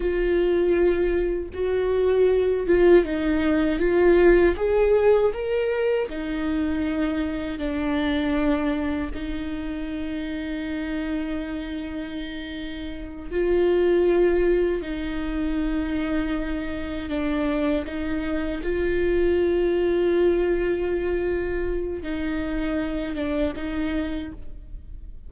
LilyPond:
\new Staff \with { instrumentName = "viola" } { \time 4/4 \tempo 4 = 79 f'2 fis'4. f'8 | dis'4 f'4 gis'4 ais'4 | dis'2 d'2 | dis'1~ |
dis'4. f'2 dis'8~ | dis'2~ dis'8 d'4 dis'8~ | dis'8 f'2.~ f'8~ | f'4 dis'4. d'8 dis'4 | }